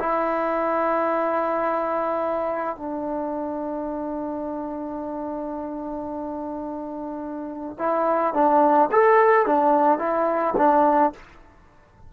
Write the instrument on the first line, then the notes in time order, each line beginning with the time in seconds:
trombone
0.00 E4
2.77 D4
7.79 E4
8.34 D4
8.92 A4
9.47 D4
9.99 E4
10.58 D4